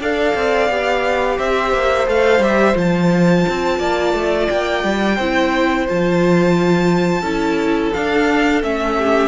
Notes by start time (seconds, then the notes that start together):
0.00 D4 A4 D5 F5
0.35 C4
0.70 B3 G4
1.38 C4 C5 E5
1.73 A#3
2.07 A3 A4 F5
2.40 G3 G4 E5
2.74 F3 F4 A5
3.49 C4
3.79 A#3 D5
4.14 A3
4.49 A#3 G5
4.84 G3
5.16 C4 E4 C5
5.88 F3 F4 A5
7.21 C#4 E4 A4
7.93 D4 F5
8.63 A3 C#4 E5
8.98 G4